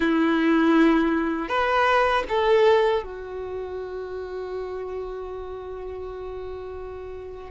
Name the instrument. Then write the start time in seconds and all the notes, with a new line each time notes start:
violin
0.00 E4
1.48 B4
2.28 A4
3.03 F#4